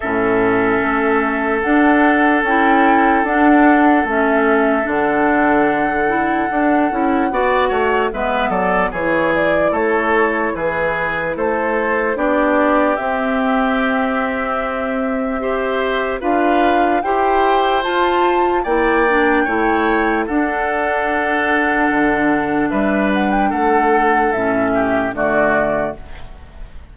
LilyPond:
<<
  \new Staff \with { instrumentName = "flute" } { \time 4/4 \tempo 4 = 74 e''2 fis''4 g''4 | fis''4 e''4 fis''2~ | fis''2 e''8 d''8 cis''8 d''8 | cis''4 b'4 c''4 d''4 |
e''1 | f''4 g''4 a''4 g''4~ | g''4 fis''2. | e''8 fis''16 g''16 fis''4 e''4 d''4 | }
  \new Staff \with { instrumentName = "oboe" } { \time 4/4 a'1~ | a'1~ | a'4 d''8 cis''8 b'8 a'8 gis'4 | a'4 gis'4 a'4 g'4~ |
g'2. c''4 | b'4 c''2 d''4 | cis''4 a'2. | b'4 a'4. g'8 fis'4 | }
  \new Staff \with { instrumentName = "clarinet" } { \time 4/4 cis'2 d'4 e'4 | d'4 cis'4 d'4. e'8 | d'8 e'8 fis'4 b4 e'4~ | e'2. d'4 |
c'2. g'4 | f'4 g'4 f'4 e'8 d'8 | e'4 d'2.~ | d'2 cis'4 a4 | }
  \new Staff \with { instrumentName = "bassoon" } { \time 4/4 a,4 a4 d'4 cis'4 | d'4 a4 d2 | d'8 cis'8 b8 a8 gis8 fis8 e4 | a4 e4 a4 b4 |
c'1 | d'4 e'4 f'4 ais4 | a4 d'2 d4 | g4 a4 a,4 d4 | }
>>